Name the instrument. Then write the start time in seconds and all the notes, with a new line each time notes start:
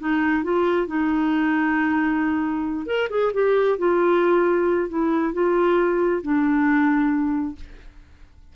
clarinet
0.00 D#4
0.43 F4
0.87 D#4
2.86 A#4
3.10 G#4
3.34 G4
3.78 F4
4.89 E4
5.33 F4
6.22 D4